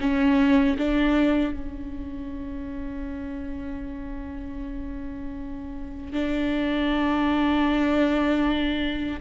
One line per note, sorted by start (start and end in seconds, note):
0.00 0.77 C#4
0.78 1.53 D4
1.53 6.13 C#4
6.13 9.20 D4